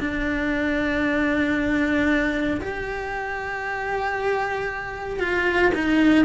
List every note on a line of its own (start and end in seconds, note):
0.00 2.61 D4
2.61 5.20 G4
5.20 5.72 F4
5.75 6.25 D#4